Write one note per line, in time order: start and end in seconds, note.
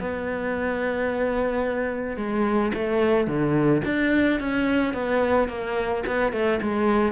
0.00 2.17 B3
2.17 2.72 G#3
2.74 3.27 A3
3.27 3.82 D3
3.85 4.40 D4
4.40 4.93 C#4
4.93 5.48 B3
5.48 6.04 A#3
6.07 6.32 B3
6.32 6.60 A3
6.61 7.12 G#3